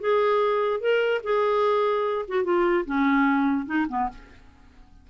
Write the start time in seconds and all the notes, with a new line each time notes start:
0.00 G#4
0.80 A#4
1.24 G#4
2.28 F#4
2.44 F4
2.86 C#4
3.66 D#4
3.89 B3